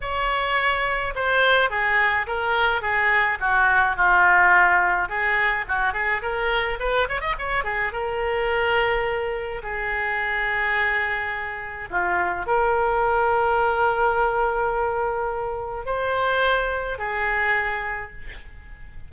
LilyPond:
\new Staff \with { instrumentName = "oboe" } { \time 4/4 \tempo 4 = 106 cis''2 c''4 gis'4 | ais'4 gis'4 fis'4 f'4~ | f'4 gis'4 fis'8 gis'8 ais'4 | b'8 cis''16 dis''16 cis''8 gis'8 ais'2~ |
ais'4 gis'2.~ | gis'4 f'4 ais'2~ | ais'1 | c''2 gis'2 | }